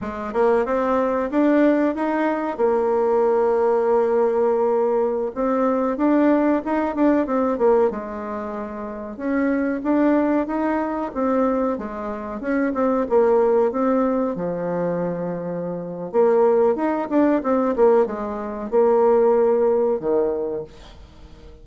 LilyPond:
\new Staff \with { instrumentName = "bassoon" } { \time 4/4 \tempo 4 = 93 gis8 ais8 c'4 d'4 dis'4 | ais1~ | ais16 c'4 d'4 dis'8 d'8 c'8 ais16~ | ais16 gis2 cis'4 d'8.~ |
d'16 dis'4 c'4 gis4 cis'8 c'16~ | c'16 ais4 c'4 f4.~ f16~ | f4 ais4 dis'8 d'8 c'8 ais8 | gis4 ais2 dis4 | }